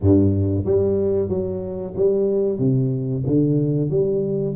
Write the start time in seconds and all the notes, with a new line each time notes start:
0.00 G2
0.65 G3
1.29 F#3
1.96 G3
2.58 C3
3.26 D3
3.90 G3